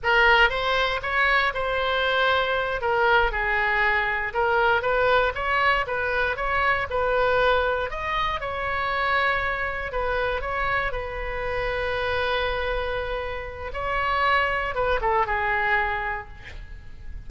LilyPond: \new Staff \with { instrumentName = "oboe" } { \time 4/4 \tempo 4 = 118 ais'4 c''4 cis''4 c''4~ | c''4. ais'4 gis'4.~ | gis'8 ais'4 b'4 cis''4 b'8~ | b'8 cis''4 b'2 dis''8~ |
dis''8 cis''2. b'8~ | b'8 cis''4 b'2~ b'8~ | b'2. cis''4~ | cis''4 b'8 a'8 gis'2 | }